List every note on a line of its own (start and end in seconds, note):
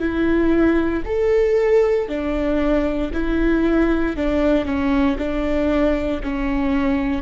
0.00 1.03 E4
1.06 2.09 A4
2.09 3.13 D4
3.14 4.17 E4
4.17 4.66 D4
4.66 5.17 C#4
5.19 6.22 D4
6.23 7.23 C#4